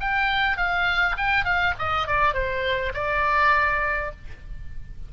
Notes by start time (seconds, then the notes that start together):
0.00 G5
0.57 F5
1.17 G5
1.44 F5
1.78 D#5
2.07 D5
2.34 C5
2.94 D5